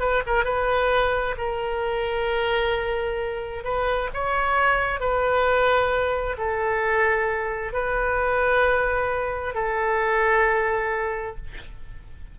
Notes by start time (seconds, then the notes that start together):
0.00 B4
0.26 A#4
0.44 B4
1.38 A#4
3.64 B4
4.14 C#5
5.00 B4
6.38 A4
7.73 B4
9.55 A4